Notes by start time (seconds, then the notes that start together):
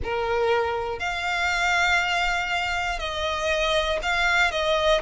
0.03 A#4
0.99 F5
2.99 D#5
4.02 F5
4.51 D#5